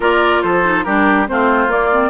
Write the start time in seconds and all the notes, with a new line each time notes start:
0.00 A#3 F4 A#4 D5
0.42 F3 A4 C5
0.63 D#4
0.84 G3 D4 G4 A#4
1.27 A3 C4 F4 C5
1.67 A#3 D5
1.91 C4